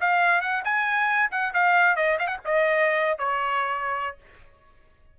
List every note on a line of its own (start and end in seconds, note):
0.00 0.41 F5
0.41 0.63 F#5
0.64 1.30 G#5
1.31 1.53 F#5
1.53 1.96 F5
1.96 2.18 D#5
2.19 2.27 F5
2.27 2.38 F#5
2.45 3.18 D#5
3.18 4.17 C#5